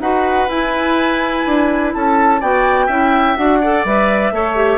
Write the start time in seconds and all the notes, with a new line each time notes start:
0.00 D#4 F#4 B4 F#5
0.48 E4 G#5
1.46 D4
1.94 C#4 A4 A5
2.41 B3 F#4 D5 G5
2.86 C#4 E4 E5
3.37 D4 F#4 F#5
3.61 A4 D5
3.85 G3 B4 E5
4.32 A3 A4 C#5
4.56 G4